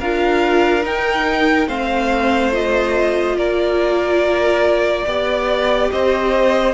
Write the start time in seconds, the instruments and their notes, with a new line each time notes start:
0.00 cello D4, viola F4, violin A#4 F5
0.83 viola D#4, cello D#4, violin G5
1.68 cello A3, viola C4, violin C5 F5
2.52 viola F4, violin D#5
3.37 cello A#3, violin A#4 D5
5.06 cello B3, viola G4, violin D5
5.92 cello C4, violin C5 D#5